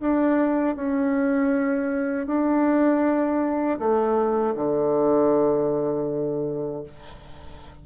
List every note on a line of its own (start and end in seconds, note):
0.00 0.76 D4
0.76 2.26 C#4
2.26 3.78 D4
3.79 4.55 A3
4.55 6.83 D3